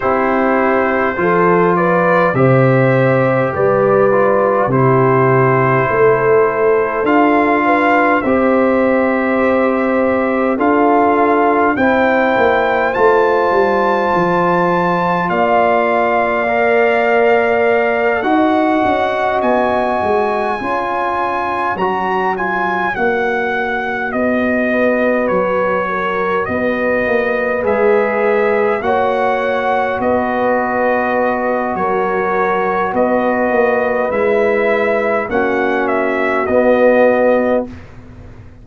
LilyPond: <<
  \new Staff \with { instrumentName = "trumpet" } { \time 4/4 \tempo 4 = 51 c''4. d''8 e''4 d''4 | c''2 f''4 e''4~ | e''4 f''4 g''4 a''4~ | a''4 f''2~ f''8 fis''8~ |
fis''8 gis''2 ais''8 gis''8 fis''8~ | fis''8 dis''4 cis''4 dis''4 e''8~ | e''8 fis''4 dis''4. cis''4 | dis''4 e''4 fis''8 e''8 dis''4 | }
  \new Staff \with { instrumentName = "horn" } { \time 4/4 g'4 a'8 b'8 c''4 b'4 | g'4 a'4. b'8 c''4~ | c''4 a'4 c''2~ | c''4 d''2~ d''8 dis''8~ |
dis''4. cis''2~ cis''8~ | cis''4 b'4 ais'8 b'4.~ | b'8 cis''4 b'4. ais'4 | b'2 fis'2 | }
  \new Staff \with { instrumentName = "trombone" } { \time 4/4 e'4 f'4 g'4. f'8 | e'2 f'4 g'4~ | g'4 f'4 e'4 f'4~ | f'2 ais'4. fis'8~ |
fis'4. f'4 fis'8 f'8 fis'8~ | fis'2.~ fis'8 gis'8~ | gis'8 fis'2.~ fis'8~ | fis'4 e'4 cis'4 b4 | }
  \new Staff \with { instrumentName = "tuba" } { \time 4/4 c'4 f4 c4 g4 | c4 a4 d'4 c'4~ | c'4 d'4 c'8 ais8 a8 g8 | f4 ais2~ ais8 dis'8 |
cis'8 b8 gis8 cis'4 fis4 ais8~ | ais8 b4 fis4 b8 ais8 gis8~ | gis8 ais4 b4. fis4 | b8 ais8 gis4 ais4 b4 | }
>>